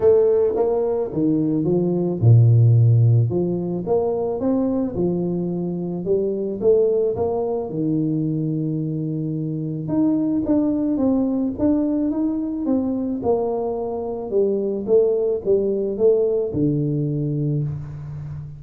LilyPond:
\new Staff \with { instrumentName = "tuba" } { \time 4/4 \tempo 4 = 109 a4 ais4 dis4 f4 | ais,2 f4 ais4 | c'4 f2 g4 | a4 ais4 dis2~ |
dis2 dis'4 d'4 | c'4 d'4 dis'4 c'4 | ais2 g4 a4 | g4 a4 d2 | }